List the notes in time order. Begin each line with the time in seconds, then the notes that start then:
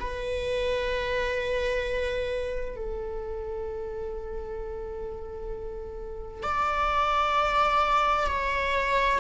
0.00 B4
2.76 A4
6.43 D5
8.27 C#5